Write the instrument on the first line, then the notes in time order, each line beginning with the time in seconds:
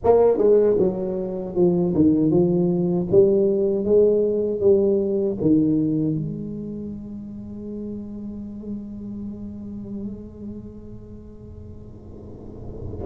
tuba
0.04 A#3
0.37 G#3
0.78 F#3
1.55 F3
1.94 D#3
2.30 F3
3.11 G3
3.85 G#3
4.60 G3
5.41 D#3
6.14 G#3